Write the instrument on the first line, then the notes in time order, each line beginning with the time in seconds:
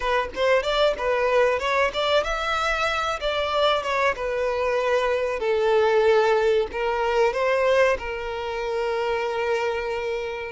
violin
0.00 B4
0.35 C5
0.62 D5
0.97 B4
1.59 C#5
1.93 D5
2.23 E5
3.20 D5
3.83 C#5
4.15 B4
5.39 A4
6.72 A#4
7.33 C5
7.98 A#4